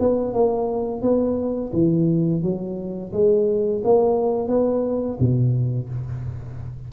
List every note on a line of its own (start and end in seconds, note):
0.00 0.34 B3
0.34 1.02 A#3
1.02 1.72 B3
1.73 2.43 E3
2.43 3.12 F#3
3.13 3.82 G#3
3.85 4.48 A#3
4.48 5.18 B3
5.20 5.90 B2